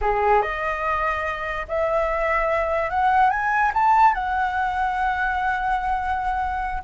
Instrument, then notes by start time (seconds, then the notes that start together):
flute
0.01 G#4
0.42 D#5
1.68 E5
2.89 F#5
3.30 G#5
3.74 A5
4.14 F#5